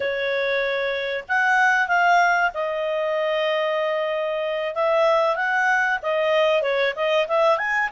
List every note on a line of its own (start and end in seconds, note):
0.00 1.24 C#5
1.28 1.87 F#5
1.87 2.51 F5
2.53 4.74 D#5
4.74 5.35 E5
5.35 5.99 F#5
6.02 6.62 D#5
6.62 6.93 C#5
6.95 7.27 D#5
7.28 7.58 E5
7.58 7.89 G#5